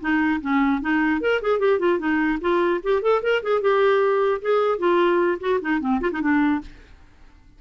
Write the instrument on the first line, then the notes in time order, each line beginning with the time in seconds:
clarinet
0.00 D#4
0.41 C#4
0.81 D#4
1.21 A#4
1.41 G#4
1.59 G4
1.79 F4
1.99 D#4
2.41 F4
2.83 G4
3.02 A4
3.22 A#4
3.43 G#4
3.61 G4
4.41 G#4
4.78 F4
5.40 F#4
5.61 D#4
5.80 C4
6.01 F4
6.12 D#4
6.21 D4